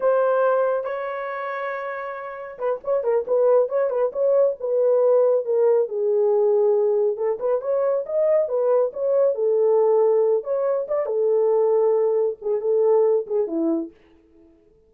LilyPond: \new Staff \with { instrumentName = "horn" } { \time 4/4 \tempo 4 = 138 c''2 cis''2~ | cis''2 b'8 cis''8 ais'8 b'8~ | b'8 cis''8 b'8 cis''4 b'4.~ | b'8 ais'4 gis'2~ gis'8~ |
gis'8 a'8 b'8 cis''4 dis''4 b'8~ | b'8 cis''4 a'2~ a'8 | cis''4 d''8 a'2~ a'8~ | a'8 gis'8 a'4. gis'8 e'4 | }